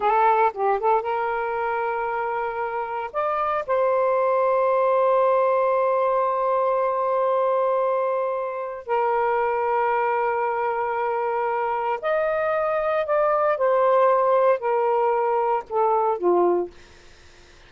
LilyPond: \new Staff \with { instrumentName = "saxophone" } { \time 4/4 \tempo 4 = 115 a'4 g'8 a'8 ais'2~ | ais'2 d''4 c''4~ | c''1~ | c''1~ |
c''4 ais'2.~ | ais'2. dis''4~ | dis''4 d''4 c''2 | ais'2 a'4 f'4 | }